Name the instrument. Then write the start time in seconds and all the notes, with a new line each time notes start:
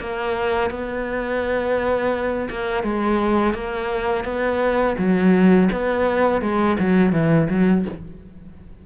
cello
0.00 A#3
0.70 B3
2.50 A#3
2.83 G#3
3.54 A#3
4.25 B3
4.98 F#3
5.72 B3
6.41 G#3
6.79 F#3
7.12 E3
7.50 F#3